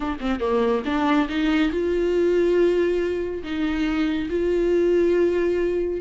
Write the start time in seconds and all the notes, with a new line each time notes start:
0.00 D4
0.20 C4
0.40 A#3
0.85 D4
1.28 D#4
1.71 F4
3.43 D#4
4.29 F4